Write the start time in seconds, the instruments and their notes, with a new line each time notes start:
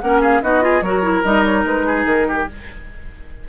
0.00 bassoon A#3, clarinet C#4, oboe A#4, flute F#5
0.21 oboe G#4, flute F5
0.42 bassoon B3, clarinet D#4, oboe F#4, flute D#5
0.61 clarinet F4, oboe G#4
0.81 bassoon F#3, clarinet F#4, oboe A#4, flute C#5
1.02 clarinet E4
1.24 bassoon G3, clarinet D#4, flute D#5
1.44 flute C#5
1.64 bassoon G#3, flute B4
1.86 oboe G#4
2.04 bassoon D#3, flute A#4
2.28 oboe G4